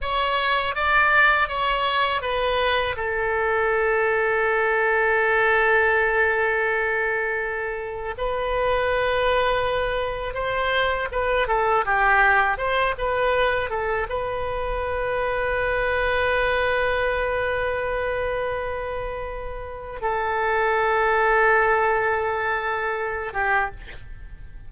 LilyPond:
\new Staff \with { instrumentName = "oboe" } { \time 4/4 \tempo 4 = 81 cis''4 d''4 cis''4 b'4 | a'1~ | a'2. b'4~ | b'2 c''4 b'8 a'8 |
g'4 c''8 b'4 a'8 b'4~ | b'1~ | b'2. a'4~ | a'2.~ a'8 g'8 | }